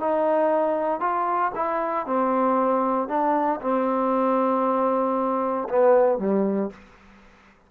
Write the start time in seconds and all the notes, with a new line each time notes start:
0.00 D#4
1.01 F4
1.55 E4
2.07 C4
3.09 D4
3.62 C4
5.69 B3
6.19 G3